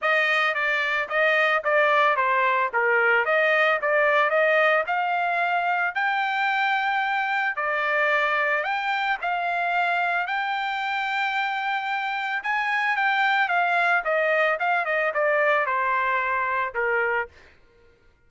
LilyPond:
\new Staff \with { instrumentName = "trumpet" } { \time 4/4 \tempo 4 = 111 dis''4 d''4 dis''4 d''4 | c''4 ais'4 dis''4 d''4 | dis''4 f''2 g''4~ | g''2 d''2 |
g''4 f''2 g''4~ | g''2. gis''4 | g''4 f''4 dis''4 f''8 dis''8 | d''4 c''2 ais'4 | }